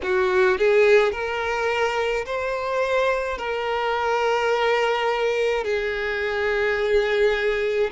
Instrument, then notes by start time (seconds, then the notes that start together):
violin
0.02 F#4
0.58 G#4
1.12 A#4
2.25 C5
3.38 A#4
5.63 G#4